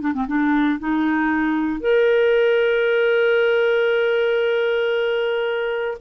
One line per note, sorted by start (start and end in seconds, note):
0.00 0.13 D4
0.13 0.26 C4
0.27 0.79 D4
0.79 1.80 D#4
1.80 5.97 A#4